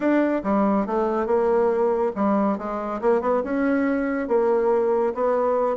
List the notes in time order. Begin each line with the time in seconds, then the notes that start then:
0.00 D4
0.43 G3
0.86 A3
1.26 A#3
2.15 G3
2.58 G#3
3.01 A#3
3.21 B3
3.43 C#4
4.28 A#3
5.14 B3